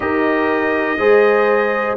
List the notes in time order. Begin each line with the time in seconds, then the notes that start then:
0.00 D#4 G4 A#4 D#5
0.97 G#3 G#4 C5